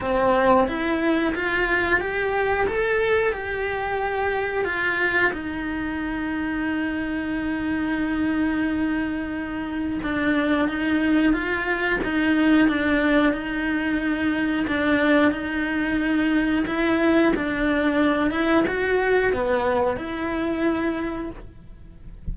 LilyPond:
\new Staff \with { instrumentName = "cello" } { \time 4/4 \tempo 4 = 90 c'4 e'4 f'4 g'4 | a'4 g'2 f'4 | dis'1~ | dis'2. d'4 |
dis'4 f'4 dis'4 d'4 | dis'2 d'4 dis'4~ | dis'4 e'4 d'4. e'8 | fis'4 b4 e'2 | }